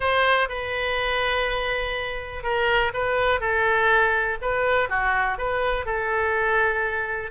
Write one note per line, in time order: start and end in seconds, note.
0.00 0.48 C5
0.48 2.43 B4
2.43 2.92 A#4
2.93 3.40 B4
3.40 4.38 A4
4.41 4.89 B4
4.89 5.37 F#4
5.37 5.85 B4
5.85 7.31 A4